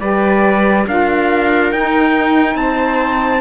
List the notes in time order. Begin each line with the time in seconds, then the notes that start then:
0.00 G3 G4 B4 D5
0.87 D4 F4 A#4 F5
1.72 D#4 G5
2.55 C4 C5 A5